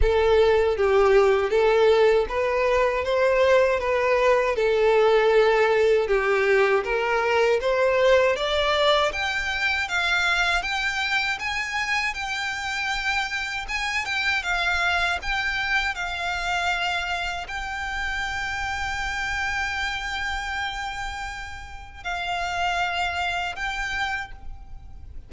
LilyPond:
\new Staff \with { instrumentName = "violin" } { \time 4/4 \tempo 4 = 79 a'4 g'4 a'4 b'4 | c''4 b'4 a'2 | g'4 ais'4 c''4 d''4 | g''4 f''4 g''4 gis''4 |
g''2 gis''8 g''8 f''4 | g''4 f''2 g''4~ | g''1~ | g''4 f''2 g''4 | }